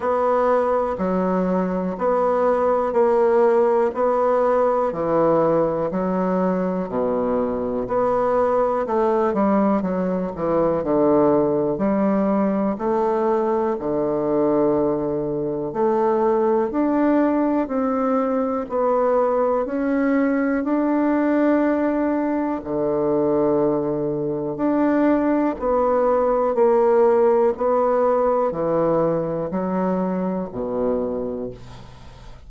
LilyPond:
\new Staff \with { instrumentName = "bassoon" } { \time 4/4 \tempo 4 = 61 b4 fis4 b4 ais4 | b4 e4 fis4 b,4 | b4 a8 g8 fis8 e8 d4 | g4 a4 d2 |
a4 d'4 c'4 b4 | cis'4 d'2 d4~ | d4 d'4 b4 ais4 | b4 e4 fis4 b,4 | }